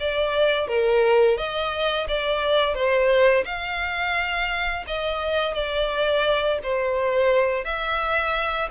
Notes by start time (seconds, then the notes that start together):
0.00 D5
0.68 A#4
1.38 D#5
2.09 D5
2.75 C5
3.45 F5
4.87 D#5
5.55 D5
6.63 C5
7.65 E5